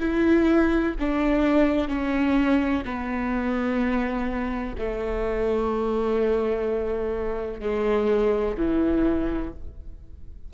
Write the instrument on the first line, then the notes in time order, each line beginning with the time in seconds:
viola
0.00 E4
1.00 D4
1.88 C#4
2.85 B3
4.78 A3
7.61 G#3
8.58 E3